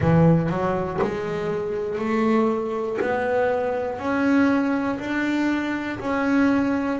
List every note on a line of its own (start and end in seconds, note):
0.00 0.50 E3
0.50 1.00 F#3
1.01 1.98 G#3
1.98 2.98 A3
3.01 3.99 B3
3.99 4.99 C#4
4.99 5.99 D4
5.99 6.99 C#4